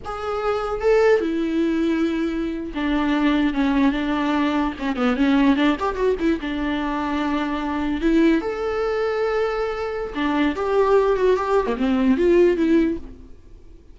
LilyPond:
\new Staff \with { instrumentName = "viola" } { \time 4/4 \tempo 4 = 148 gis'2 a'4 e'4~ | e'2~ e'8. d'4~ d'16~ | d'8. cis'4 d'2 cis'16~ | cis'16 b8 cis'4 d'8 g'8 fis'8 e'8 d'16~ |
d'2.~ d'8. e'16~ | e'8. a'2.~ a'16~ | a'4 d'4 g'4. fis'8 | g'8. ais16 c'4 f'4 e'4 | }